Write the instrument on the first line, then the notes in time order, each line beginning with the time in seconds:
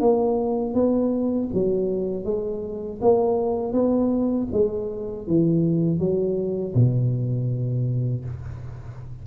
tuba
0.00 A#3
0.74 B3
1.53 F#3
2.24 G#3
3.01 A#3
3.72 B3
4.52 G#3
5.26 E3
5.99 F#3
6.74 B2